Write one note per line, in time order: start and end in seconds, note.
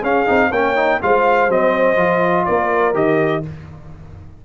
0.00 0.26 C#4
0.00 0.49 G#4
0.00 0.52 F5
0.26 0.51 C4
0.26 0.51 D#4
0.50 0.99 A#3
0.50 0.76 C#4
0.50 0.99 C#5
0.50 1.01 G5
0.76 1.00 D#4
1.01 1.48 G#3
1.01 1.50 F4
1.01 2.47 C5
1.01 1.51 F5
1.48 1.96 F#3
1.48 1.96 C4
1.48 2.45 D#5
1.96 2.45 F3
1.96 2.93 F4
2.45 2.94 A#3
2.45 3.45 A#4
2.45 2.94 D5
2.93 3.43 D#3
2.93 3.42 G4
2.93 3.44 D#5